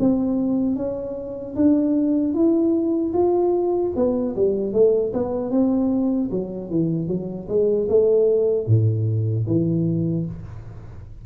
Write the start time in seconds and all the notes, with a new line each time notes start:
0.00 C4
0.76 C#4
1.56 D4
2.34 E4
3.14 F4
3.96 B3
4.36 G3
4.73 A3
5.14 B3
5.51 C4
6.31 F#3
6.70 E3
7.08 F#3
7.49 G#3
7.89 A3
8.67 A2
9.47 E3